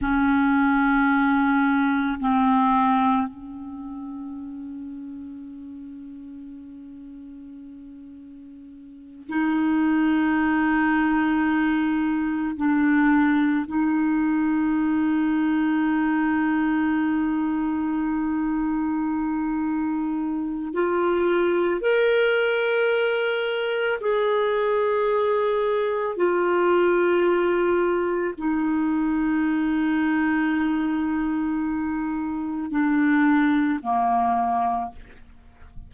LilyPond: \new Staff \with { instrumentName = "clarinet" } { \time 4/4 \tempo 4 = 55 cis'2 c'4 cis'4~ | cis'1~ | cis'8 dis'2. d'8~ | d'8 dis'2.~ dis'8~ |
dis'2. f'4 | ais'2 gis'2 | f'2 dis'2~ | dis'2 d'4 ais4 | }